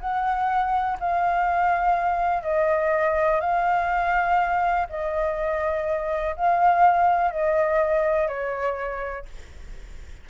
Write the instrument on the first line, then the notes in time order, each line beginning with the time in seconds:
flute
0.00 F#5
0.99 F5
2.43 D#5
3.40 F5
4.89 D#5
6.36 F5
7.31 D#5
8.27 C#5